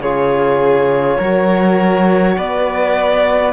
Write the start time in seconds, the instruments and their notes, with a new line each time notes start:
0.00 cello C#3, trombone F4, violin G#4 C#5
1.18 cello F#3, trombone F#4, violin A#4
2.38 cello B3, violin B4 D5